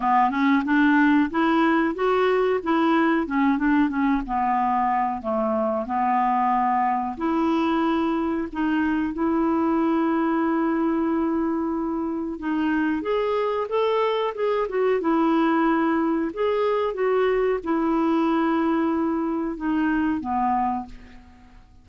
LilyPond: \new Staff \with { instrumentName = "clarinet" } { \time 4/4 \tempo 4 = 92 b8 cis'8 d'4 e'4 fis'4 | e'4 cis'8 d'8 cis'8 b4. | a4 b2 e'4~ | e'4 dis'4 e'2~ |
e'2. dis'4 | gis'4 a'4 gis'8 fis'8 e'4~ | e'4 gis'4 fis'4 e'4~ | e'2 dis'4 b4 | }